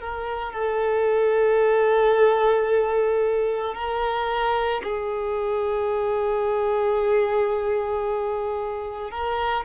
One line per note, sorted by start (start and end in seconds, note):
0.00 0.53 A#4
0.53 3.75 A4
3.75 4.82 A#4
4.84 9.11 G#4
9.11 9.65 A#4